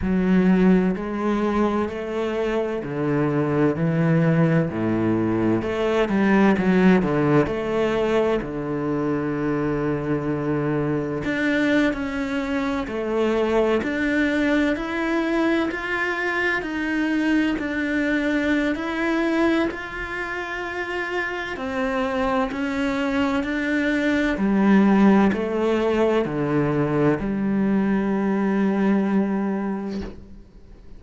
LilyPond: \new Staff \with { instrumentName = "cello" } { \time 4/4 \tempo 4 = 64 fis4 gis4 a4 d4 | e4 a,4 a8 g8 fis8 d8 | a4 d2. | d'8. cis'4 a4 d'4 e'16~ |
e'8. f'4 dis'4 d'4~ d'16 | e'4 f'2 c'4 | cis'4 d'4 g4 a4 | d4 g2. | }